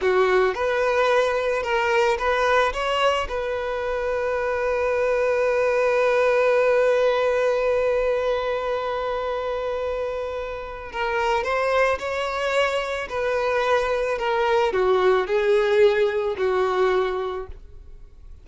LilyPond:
\new Staff \with { instrumentName = "violin" } { \time 4/4 \tempo 4 = 110 fis'4 b'2 ais'4 | b'4 cis''4 b'2~ | b'1~ | b'1~ |
b'1 | ais'4 c''4 cis''2 | b'2 ais'4 fis'4 | gis'2 fis'2 | }